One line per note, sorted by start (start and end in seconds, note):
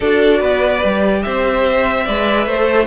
0.00 0.42 D4
0.00 0.79 F#4
0.00 0.39 A4
0.00 1.22 D5
0.39 0.83 B3
0.39 1.21 B4
0.79 1.25 G3
0.79 2.02 G4
1.22 2.08 C4
1.22 2.05 C5
1.22 2.87 E5
2.05 2.46 G#3
2.05 2.55 B4
2.05 2.46 D5
2.46 2.87 A3
2.46 2.87 C5
2.55 2.86 A4